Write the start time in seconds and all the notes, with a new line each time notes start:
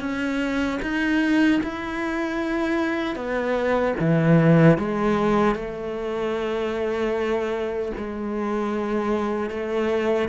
0.00 C#4
0.82 D#4
1.63 E4
3.15 B3
3.99 E3
4.78 G#3
5.55 A3
7.97 G#3
9.50 A3